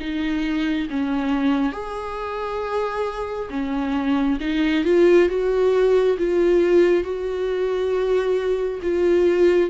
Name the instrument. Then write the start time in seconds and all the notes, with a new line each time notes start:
viola
0.00 D#4
0.90 C#4
1.73 G#4
3.51 C#4
4.41 D#4
4.85 F4
5.29 F#4
6.18 F4
7.04 F#4
8.83 F4